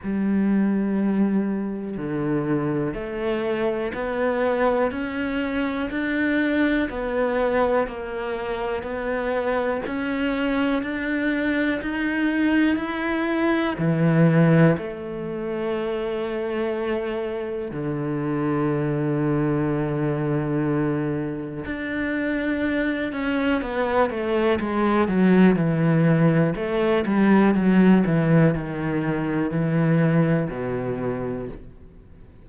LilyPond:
\new Staff \with { instrumentName = "cello" } { \time 4/4 \tempo 4 = 61 g2 d4 a4 | b4 cis'4 d'4 b4 | ais4 b4 cis'4 d'4 | dis'4 e'4 e4 a4~ |
a2 d2~ | d2 d'4. cis'8 | b8 a8 gis8 fis8 e4 a8 g8 | fis8 e8 dis4 e4 b,4 | }